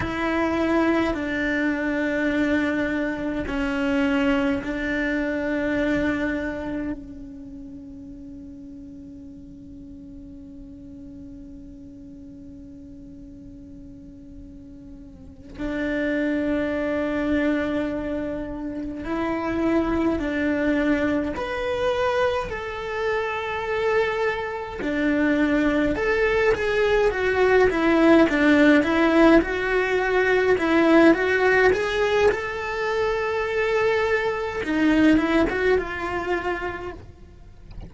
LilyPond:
\new Staff \with { instrumentName = "cello" } { \time 4/4 \tempo 4 = 52 e'4 d'2 cis'4 | d'2 cis'2~ | cis'1~ | cis'4. d'2~ d'8~ |
d'8 e'4 d'4 b'4 a'8~ | a'4. d'4 a'8 gis'8 fis'8 | e'8 d'8 e'8 fis'4 e'8 fis'8 gis'8 | a'2 dis'8 e'16 fis'16 f'4 | }